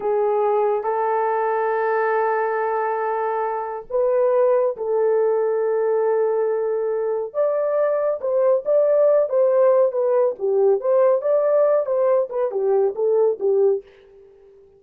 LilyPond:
\new Staff \with { instrumentName = "horn" } { \time 4/4 \tempo 4 = 139 gis'2 a'2~ | a'1~ | a'4 b'2 a'4~ | a'1~ |
a'4 d''2 c''4 | d''4. c''4. b'4 | g'4 c''4 d''4. c''8~ | c''8 b'8 g'4 a'4 g'4 | }